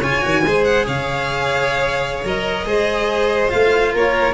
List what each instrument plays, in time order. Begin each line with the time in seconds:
0.00 tuba C#3, cello F4, violin C#5 G#5
0.22 tuba D#3, cello F#4
0.45 tuba G#3, cello G#4, violin C5
0.64 violin F#5
0.86 tuba C#3, violin C#5 F5
2.24 tuba F#3, cello A#4, violin D#5
2.65 tuba G#3, cello G#4, violin C5
3.49 tuba A3, cello F4, violin F5
3.93 tuba A#3, violin A#4 C#5